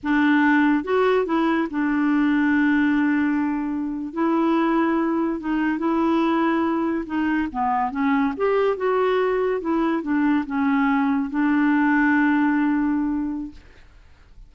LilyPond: \new Staff \with { instrumentName = "clarinet" } { \time 4/4 \tempo 4 = 142 d'2 fis'4 e'4 | d'1~ | d'4.~ d'16 e'2~ e'16~ | e'8. dis'4 e'2~ e'16~ |
e'8. dis'4 b4 cis'4 g'16~ | g'8. fis'2 e'4 d'16~ | d'8. cis'2 d'4~ d'16~ | d'1 | }